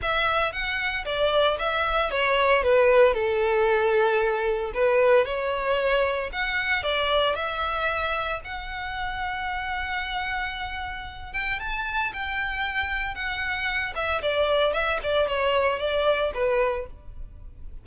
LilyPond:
\new Staff \with { instrumentName = "violin" } { \time 4/4 \tempo 4 = 114 e''4 fis''4 d''4 e''4 | cis''4 b'4 a'2~ | a'4 b'4 cis''2 | fis''4 d''4 e''2 |
fis''1~ | fis''4. g''8 a''4 g''4~ | g''4 fis''4. e''8 d''4 | e''8 d''8 cis''4 d''4 b'4 | }